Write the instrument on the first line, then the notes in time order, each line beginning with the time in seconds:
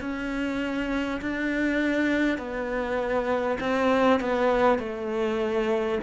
cello
0.00 C#4
1.21 D4
2.37 B3
3.59 C4
4.20 B3
4.78 A3